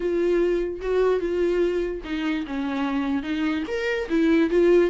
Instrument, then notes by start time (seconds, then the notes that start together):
viola
0.00 F4
0.81 F#4
1.20 F4
2.04 D#4
2.46 C#4
3.22 D#4
3.67 A#4
4.09 E4
4.50 F4